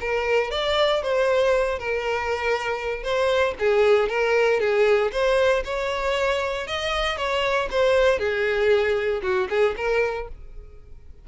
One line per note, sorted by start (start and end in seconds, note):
0.00 0.51 A#4
0.51 1.02 D5
1.02 1.79 C5
1.79 3.03 A#4
3.03 3.54 C5
3.59 4.09 G#4
4.09 4.60 A#4
4.60 5.11 G#4
5.12 5.63 C5
5.64 6.67 C#5
6.67 7.17 D#5
7.17 7.68 C#5
7.71 8.19 C5
8.19 9.21 G#4
9.22 9.48 F#4
9.49 9.75 G#4
9.76 10.28 A#4